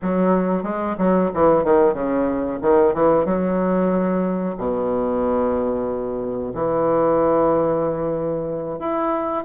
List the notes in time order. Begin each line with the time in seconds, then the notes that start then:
0.02 F#3
0.63 G#3
0.98 F#3
1.34 E3
1.64 D#3
1.93 C#3
2.61 D#3
2.93 E3
3.25 F#3
4.57 B2
6.54 E3
8.79 E4